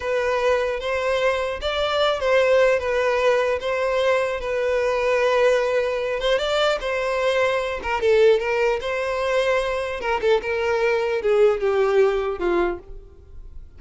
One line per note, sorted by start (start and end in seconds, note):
0.00 0.79 B4
0.79 1.59 C5
1.61 2.20 D5
2.20 2.79 C5
2.79 3.59 B4
3.60 4.40 C5
4.40 6.20 B4
6.20 6.38 C5
6.38 6.78 D5
6.80 7.80 C5
7.83 8.00 A#4
8.00 8.39 A4
8.39 8.79 A#4
8.80 10.00 C5
10.00 10.20 A#4
10.21 10.41 A4
10.42 11.21 A#4
11.21 11.60 G#4
11.60 12.38 G4
12.38 12.78 F4